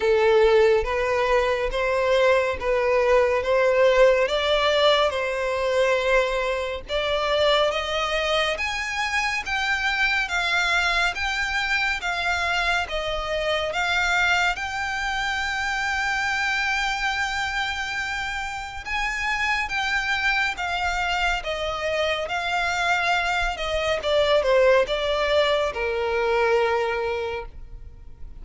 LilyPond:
\new Staff \with { instrumentName = "violin" } { \time 4/4 \tempo 4 = 70 a'4 b'4 c''4 b'4 | c''4 d''4 c''2 | d''4 dis''4 gis''4 g''4 | f''4 g''4 f''4 dis''4 |
f''4 g''2.~ | g''2 gis''4 g''4 | f''4 dis''4 f''4. dis''8 | d''8 c''8 d''4 ais'2 | }